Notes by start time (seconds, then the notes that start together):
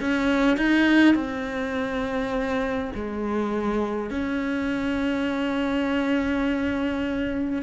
0.00 C#4
0.57 D#4
1.14 C4
2.95 G#3
4.10 C#4